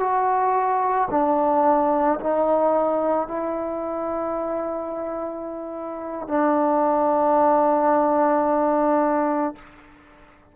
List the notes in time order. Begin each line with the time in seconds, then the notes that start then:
0.00 F#4
1.11 D4
2.21 D#4
3.28 E4
6.28 D4